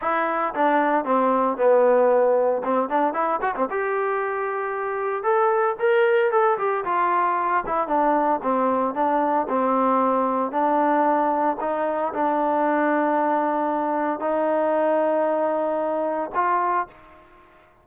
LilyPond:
\new Staff \with { instrumentName = "trombone" } { \time 4/4 \tempo 4 = 114 e'4 d'4 c'4 b4~ | b4 c'8 d'8 e'8 fis'16 c'16 g'4~ | g'2 a'4 ais'4 | a'8 g'8 f'4. e'8 d'4 |
c'4 d'4 c'2 | d'2 dis'4 d'4~ | d'2. dis'4~ | dis'2. f'4 | }